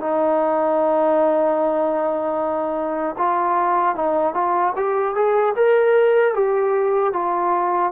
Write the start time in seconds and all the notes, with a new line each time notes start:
0.00 D#4
3.18 F4
3.95 D#4
4.34 F4
4.76 G4
5.15 G#4
5.56 A#4
6.34 G4
7.13 F4